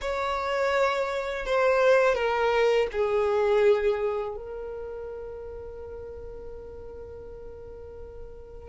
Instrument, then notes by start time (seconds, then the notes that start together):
violin
0.01 C#5
1.45 C5
2.15 A#4
2.91 G#4
4.36 A#4